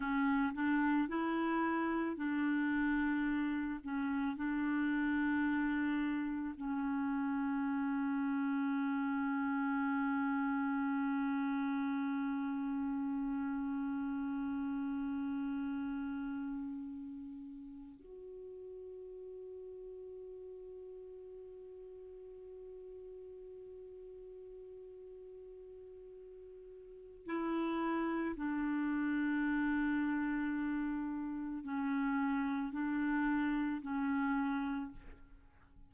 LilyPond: \new Staff \with { instrumentName = "clarinet" } { \time 4/4 \tempo 4 = 55 cis'8 d'8 e'4 d'4. cis'8 | d'2 cis'2~ | cis'1~ | cis'1~ |
cis'8 fis'2.~ fis'8~ | fis'1~ | fis'4 e'4 d'2~ | d'4 cis'4 d'4 cis'4 | }